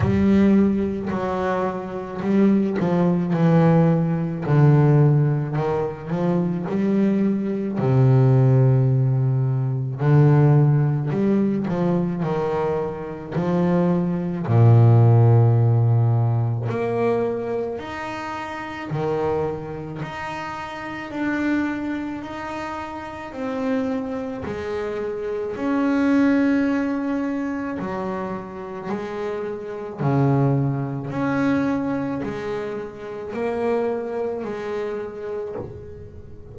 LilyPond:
\new Staff \with { instrumentName = "double bass" } { \time 4/4 \tempo 4 = 54 g4 fis4 g8 f8 e4 | d4 dis8 f8 g4 c4~ | c4 d4 g8 f8 dis4 | f4 ais,2 ais4 |
dis'4 dis4 dis'4 d'4 | dis'4 c'4 gis4 cis'4~ | cis'4 fis4 gis4 cis4 | cis'4 gis4 ais4 gis4 | }